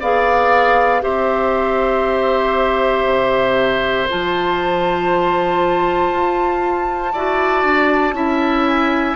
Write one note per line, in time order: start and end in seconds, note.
0.00 1.03 B3
0.00 1.01 G#4
0.00 1.02 D5
0.00 1.03 F5
1.01 3.05 C4
1.01 4.06 G4
1.01 7.13 C5
1.01 4.08 E5
3.05 4.07 C3
4.09 6.11 F3
4.09 7.14 F4
4.09 8.68 A5
6.11 7.13 F4
7.13 7.64 E4
7.13 8.14 F#4
7.13 8.14 D5
7.64 8.12 D4
8.12 9.14 C#4
8.12 9.15 E4
8.12 9.15 E5
8.68 9.15 G#5